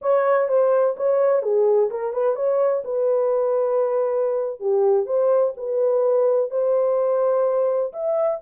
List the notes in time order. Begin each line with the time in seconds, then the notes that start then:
0.01 C#5
0.48 C5
0.96 C#5
1.42 G#4
1.90 A#4
2.13 B4
2.35 C#5
2.84 B4
4.60 G4
5.06 C5
5.56 B4
6.50 C5
7.92 E5